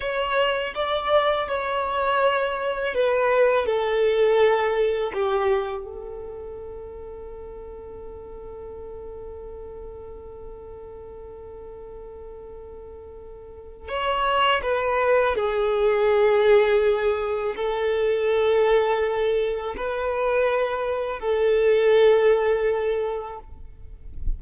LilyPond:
\new Staff \with { instrumentName = "violin" } { \time 4/4 \tempo 4 = 82 cis''4 d''4 cis''2 | b'4 a'2 g'4 | a'1~ | a'1~ |
a'2. cis''4 | b'4 gis'2. | a'2. b'4~ | b'4 a'2. | }